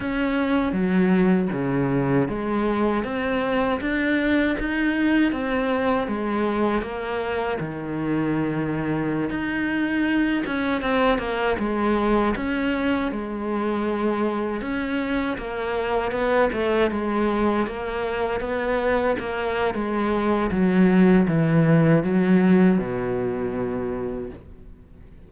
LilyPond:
\new Staff \with { instrumentName = "cello" } { \time 4/4 \tempo 4 = 79 cis'4 fis4 cis4 gis4 | c'4 d'4 dis'4 c'4 | gis4 ais4 dis2~ | dis16 dis'4. cis'8 c'8 ais8 gis8.~ |
gis16 cis'4 gis2 cis'8.~ | cis'16 ais4 b8 a8 gis4 ais8.~ | ais16 b4 ais8. gis4 fis4 | e4 fis4 b,2 | }